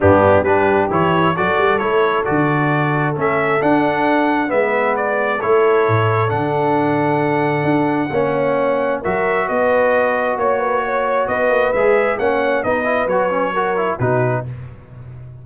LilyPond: <<
  \new Staff \with { instrumentName = "trumpet" } { \time 4/4 \tempo 4 = 133 g'4 b'4 cis''4 d''4 | cis''4 d''2 e''4 | fis''2 e''4 d''4 | cis''2 fis''2~ |
fis''1 | e''4 dis''2 cis''4~ | cis''4 dis''4 e''4 fis''4 | dis''4 cis''2 b'4 | }
  \new Staff \with { instrumentName = "horn" } { \time 4/4 d'4 g'2 a'4~ | a'1~ | a'2 b'2 | a'1~ |
a'2 cis''2 | ais'4 b'2 cis''8 b'8 | cis''4 b'2 cis''4 | b'2 ais'4 fis'4 | }
  \new Staff \with { instrumentName = "trombone" } { \time 4/4 b4 d'4 e'4 fis'4 | e'4 fis'2 cis'4 | d'2 b2 | e'2 d'2~ |
d'2 cis'2 | fis'1~ | fis'2 gis'4 cis'4 | dis'8 e'8 fis'8 cis'8 fis'8 e'8 dis'4 | }
  \new Staff \with { instrumentName = "tuba" } { \time 4/4 g,4 g4 e4 fis8 g8 | a4 d2 a4 | d'2 gis2 | a4 a,4 d2~ |
d4 d'4 ais2 | fis4 b2 ais4~ | ais4 b8 ais8 gis4 ais4 | b4 fis2 b,4 | }
>>